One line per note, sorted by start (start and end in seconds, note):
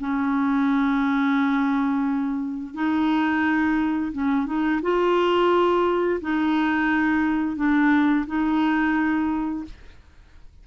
0.00 2.74 C#4
2.74 4.12 D#4
4.13 4.46 C#4
4.46 4.81 D#4
4.82 6.20 F4
6.21 7.57 D#4
7.57 8.26 D4
8.27 9.65 D#4